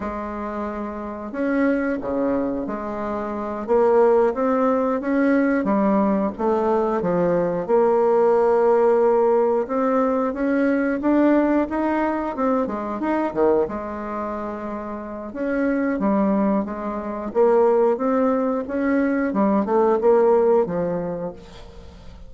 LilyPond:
\new Staff \with { instrumentName = "bassoon" } { \time 4/4 \tempo 4 = 90 gis2 cis'4 cis4 | gis4. ais4 c'4 cis'8~ | cis'8 g4 a4 f4 ais8~ | ais2~ ais8 c'4 cis'8~ |
cis'8 d'4 dis'4 c'8 gis8 dis'8 | dis8 gis2~ gis8 cis'4 | g4 gis4 ais4 c'4 | cis'4 g8 a8 ais4 f4 | }